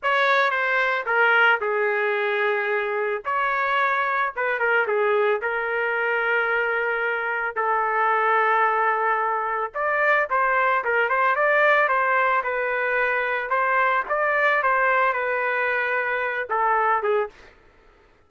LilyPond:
\new Staff \with { instrumentName = "trumpet" } { \time 4/4 \tempo 4 = 111 cis''4 c''4 ais'4 gis'4~ | gis'2 cis''2 | b'8 ais'8 gis'4 ais'2~ | ais'2 a'2~ |
a'2 d''4 c''4 | ais'8 c''8 d''4 c''4 b'4~ | b'4 c''4 d''4 c''4 | b'2~ b'8 a'4 gis'8 | }